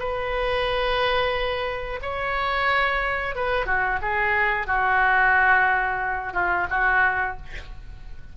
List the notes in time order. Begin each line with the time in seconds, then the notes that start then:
0.00 B4
2.02 C#5
3.36 B4
3.66 F#4
4.02 G#4
4.67 F#4
6.34 F4
6.71 F#4